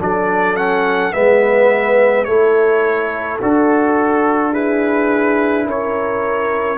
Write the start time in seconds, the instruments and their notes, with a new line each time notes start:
0.00 tuba F#3, trombone D4, horn A4, trumpet D5
0.56 trombone C#4, trumpet F#5
1.13 tuba G#3, trombone B3, horn B4, trumpet E5
2.25 tuba A3, trombone E4, horn A4, trumpet C#5
3.42 tuba D4, trombone F#4, trumpet A4
4.52 trombone E4, horn G#4, trumpet B4
5.66 tuba C#4, horn A#4, trumpet C#5